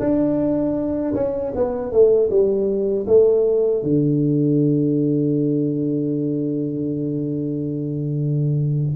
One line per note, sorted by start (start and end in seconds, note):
0.00 1.14 D4
1.14 1.52 C#4
1.55 1.92 B3
1.92 2.30 A3
2.30 3.06 G3
3.07 3.83 A3
3.83 8.96 D3